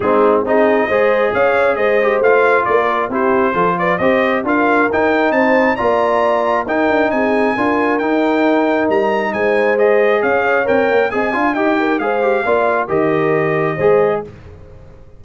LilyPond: <<
  \new Staff \with { instrumentName = "trumpet" } { \time 4/4 \tempo 4 = 135 gis'4 dis''2 f''4 | dis''4 f''4 d''4 c''4~ | c''8 d''8 dis''4 f''4 g''4 | a''4 ais''2 g''4 |
gis''2 g''2 | ais''4 gis''4 dis''4 f''4 | g''4 gis''4 g''4 f''4~ | f''4 dis''2. | }
  \new Staff \with { instrumentName = "horn" } { \time 4/4 dis'4 gis'4 c''4 cis''4 | c''2 ais'4 g'4 | a'8 b'8 c''4 ais'2 | c''4 d''2 ais'4 |
gis'4 ais'2.~ | ais'4 c''2 cis''4~ | cis''4 dis''8 f''8 dis''8 ais'8 c''4 | d''4 ais'2 c''4 | }
  \new Staff \with { instrumentName = "trombone" } { \time 4/4 c'4 dis'4 gis'2~ | gis'8 g'8 f'2 e'4 | f'4 g'4 f'4 dis'4~ | dis'4 f'2 dis'4~ |
dis'4 f'4 dis'2~ | dis'2 gis'2 | ais'4 gis'8 f'8 g'4 gis'8 g'8 | f'4 g'2 gis'4 | }
  \new Staff \with { instrumentName = "tuba" } { \time 4/4 gis4 c'4 gis4 cis'4 | gis4 a4 ais4 c'4 | f4 c'4 d'4 dis'4 | c'4 ais2 dis'8 d'8 |
c'4 d'4 dis'2 | g4 gis2 cis'4 | c'8 ais8 c'8 d'8 dis'4 gis4 | ais4 dis2 gis4 | }
>>